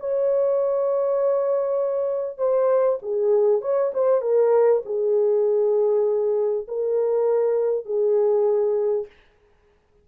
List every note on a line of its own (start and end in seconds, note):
0.00 2.38 C#5
2.38 2.99 C5
3.02 3.61 G#4
3.61 3.92 C#5
3.94 4.22 C5
4.22 4.82 A#4
4.85 6.67 G#4
6.68 7.86 A#4
7.86 9.07 G#4